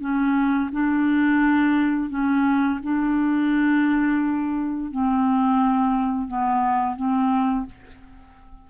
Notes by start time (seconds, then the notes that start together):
0.00 C#4
0.72 D4
2.09 C#4
2.83 D4
4.91 C4
6.27 B3
6.96 C4